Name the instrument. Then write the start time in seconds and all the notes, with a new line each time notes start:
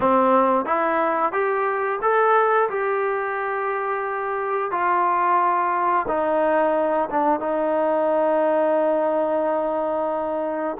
trombone
0.00 C4
0.65 E4
1.32 G4
2.02 A4
2.69 G4
4.71 F4
6.08 D#4
7.10 D4
7.40 D#4